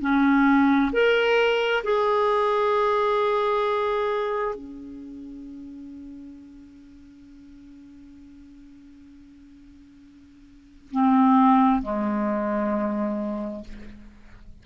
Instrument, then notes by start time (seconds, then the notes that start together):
clarinet
0.00 C#4
0.92 A#4
1.83 G#4
4.55 C#4
10.91 C4
11.82 G#3